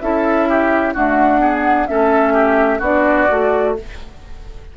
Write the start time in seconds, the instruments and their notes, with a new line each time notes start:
0.00 bassoon C#4, clarinet E4, oboe A4, flute E5
0.48 oboe G4
0.93 clarinet A3, bassoon D4, oboe F#4, flute F#5
1.39 clarinet B3, oboe G#4
1.87 bassoon A3, clarinet C#4, oboe A4, flute E5
2.33 oboe G4
2.78 bassoon B3, clarinet D4, oboe F#4, flute D5
3.28 bassoon A3, clarinet F#4